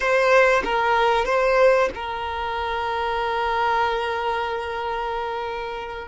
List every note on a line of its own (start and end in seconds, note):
0.00 0.62 C5
0.64 1.25 A#4
1.25 1.89 C5
1.95 6.08 A#4